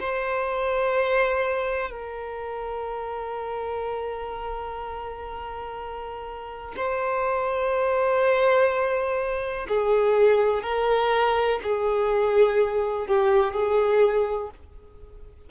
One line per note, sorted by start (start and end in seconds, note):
0.00 1.90 C5
1.90 6.74 A#4
6.77 9.67 C5
9.69 10.63 G#4
10.63 11.60 A#4
11.63 13.07 G#4
13.07 13.54 G4
13.54 14.50 G#4